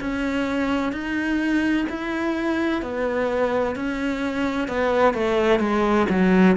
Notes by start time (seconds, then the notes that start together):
0.00 C#4
0.92 D#4
1.89 E4
2.82 B3
3.76 C#4
4.68 B3
5.14 A3
5.60 G#3
6.10 F#3